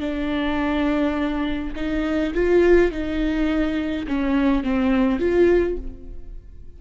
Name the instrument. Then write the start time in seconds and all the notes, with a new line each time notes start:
viola
0.00 D4
1.76 D#4
2.34 F4
2.91 D#4
4.07 C#4
4.63 C4
5.19 F4